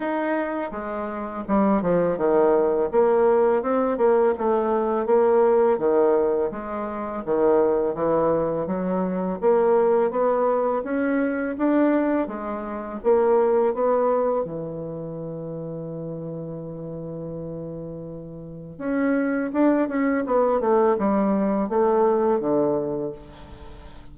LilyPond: \new Staff \with { instrumentName = "bassoon" } { \time 4/4 \tempo 4 = 83 dis'4 gis4 g8 f8 dis4 | ais4 c'8 ais8 a4 ais4 | dis4 gis4 dis4 e4 | fis4 ais4 b4 cis'4 |
d'4 gis4 ais4 b4 | e1~ | e2 cis'4 d'8 cis'8 | b8 a8 g4 a4 d4 | }